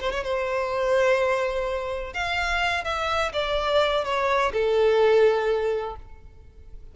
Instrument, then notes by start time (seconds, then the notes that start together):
violin
0.00 C5
0.12 C#5
0.24 C5
2.13 F5
2.84 E5
3.33 D5
4.05 C#5
4.53 A4